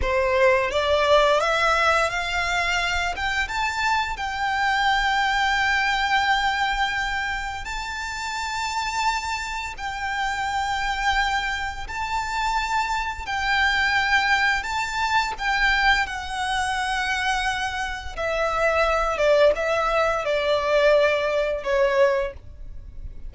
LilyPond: \new Staff \with { instrumentName = "violin" } { \time 4/4 \tempo 4 = 86 c''4 d''4 e''4 f''4~ | f''8 g''8 a''4 g''2~ | g''2. a''4~ | a''2 g''2~ |
g''4 a''2 g''4~ | g''4 a''4 g''4 fis''4~ | fis''2 e''4. d''8 | e''4 d''2 cis''4 | }